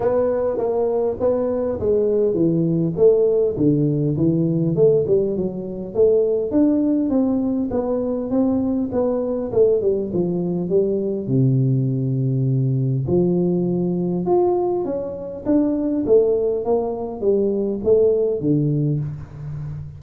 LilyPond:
\new Staff \with { instrumentName = "tuba" } { \time 4/4 \tempo 4 = 101 b4 ais4 b4 gis4 | e4 a4 d4 e4 | a8 g8 fis4 a4 d'4 | c'4 b4 c'4 b4 |
a8 g8 f4 g4 c4~ | c2 f2 | f'4 cis'4 d'4 a4 | ais4 g4 a4 d4 | }